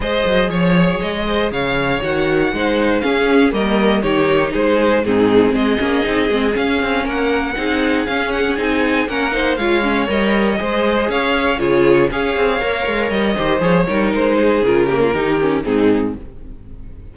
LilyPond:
<<
  \new Staff \with { instrumentName = "violin" } { \time 4/4 \tempo 4 = 119 dis''4 cis''4 dis''4 f''4 | fis''2 f''4 dis''4 | cis''4 c''4 gis'4 dis''4~ | dis''4 f''4 fis''2 |
f''8 fis''8 gis''4 fis''4 f''4 | dis''2 f''4 cis''4 | f''2 dis''4 cis''4 | c''4 ais'2 gis'4 | }
  \new Staff \with { instrumentName = "violin" } { \time 4/4 c''4 cis''4. c''8 cis''4~ | cis''4 c''4 gis'4 ais'4 | g'4 gis'4 dis'4 gis'4~ | gis'2 ais'4 gis'4~ |
gis'2 ais'8 c''8 cis''4~ | cis''4 c''4 cis''4 gis'4 | cis''2~ cis''8 c''4 ais'8~ | ais'8 gis'4 g'16 f'16 g'4 dis'4 | }
  \new Staff \with { instrumentName = "viola" } { \time 4/4 gis'1 | fis'4 dis'4 cis'4 ais4 | dis'2 c'4. cis'8 | dis'8 c'8 cis'2 dis'4 |
cis'4 dis'4 cis'8 dis'8 f'8 cis'8 | ais'4 gis'2 f'4 | gis'4 ais'4. g'8 gis'8 dis'8~ | dis'4 f'8 ais8 dis'8 cis'8 c'4 | }
  \new Staff \with { instrumentName = "cello" } { \time 4/4 gis8 fis8 f4 gis4 cis4 | dis4 gis4 cis'4 g4 | dis4 gis4 gis,4 gis8 ais8 | c'8 gis8 cis'8 c'8 ais4 c'4 |
cis'4 c'4 ais4 gis4 | g4 gis4 cis'4 cis4 | cis'8 c'8 ais8 gis8 g8 dis8 f8 g8 | gis4 cis4 dis4 gis,4 | }
>>